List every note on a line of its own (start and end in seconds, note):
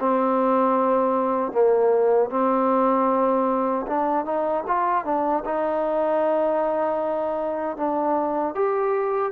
0.00 1.52 C4
1.52 2.30 A#3
2.30 3.86 C4
3.87 4.25 D4
4.25 4.64 D#4
4.68 5.05 F4
5.05 5.44 D4
5.45 7.77 D#4
7.77 8.55 D4
8.55 9.32 G4